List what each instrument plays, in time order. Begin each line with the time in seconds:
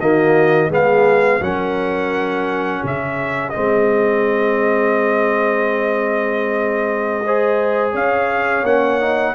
0.00 tuba D#3, trombone A#3, horn F#4, trumpet D#5
0.70 tuba G#3, trombone B3, horn G#4, trumpet F5
1.41 tuba F#3, trombone C#4, horn A#4, trumpet F#5
2.84 tuba C#3, horn G#4, trumpet E5
3.50 trombone C4, trumpet D#5
3.56 tuba G#3
7.25 trombone G#4, horn C5
7.93 tuba C#4, horn C#5, trumpet F5
8.64 tuba A#3, trombone C#4, trumpet F#5
9.00 trombone D#4